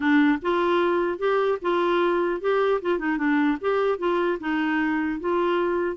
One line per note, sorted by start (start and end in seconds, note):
0.00 0.38 D4
0.42 1.18 F4
1.18 1.58 G4
1.61 2.40 F4
2.40 2.80 G4
2.81 2.98 F4
2.98 3.17 D#4
3.17 3.57 D4
3.60 3.98 G4
3.98 4.38 F4
4.40 5.20 D#4
5.20 5.96 F4